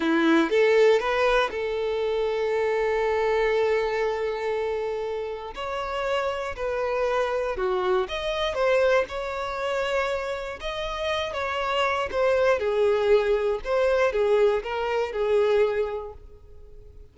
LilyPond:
\new Staff \with { instrumentName = "violin" } { \time 4/4 \tempo 4 = 119 e'4 a'4 b'4 a'4~ | a'1~ | a'2. cis''4~ | cis''4 b'2 fis'4 |
dis''4 c''4 cis''2~ | cis''4 dis''4. cis''4. | c''4 gis'2 c''4 | gis'4 ais'4 gis'2 | }